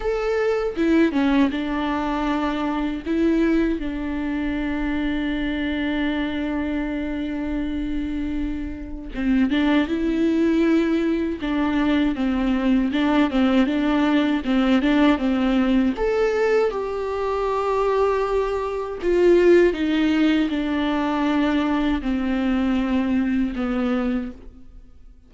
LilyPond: \new Staff \with { instrumentName = "viola" } { \time 4/4 \tempo 4 = 79 a'4 e'8 cis'8 d'2 | e'4 d'2.~ | d'1 | c'8 d'8 e'2 d'4 |
c'4 d'8 c'8 d'4 c'8 d'8 | c'4 a'4 g'2~ | g'4 f'4 dis'4 d'4~ | d'4 c'2 b4 | }